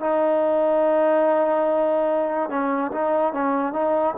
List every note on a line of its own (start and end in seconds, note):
0.00 2.50 D#4
2.50 2.91 C#4
2.91 3.33 D#4
3.33 3.73 C#4
3.73 4.14 D#4